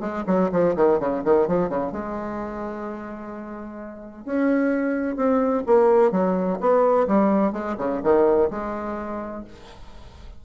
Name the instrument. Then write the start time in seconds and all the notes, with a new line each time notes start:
bassoon
0.00 G#3
0.26 F#3
0.52 F3
0.76 D#3
0.99 C#3
1.24 D#3
1.47 F3
1.69 C#3
1.92 G#3
4.25 C#4
5.16 C4
5.66 A#3
6.11 F#3
6.60 B3
7.07 G3
7.52 G#3
7.78 C#3
8.03 D#3
8.50 G#3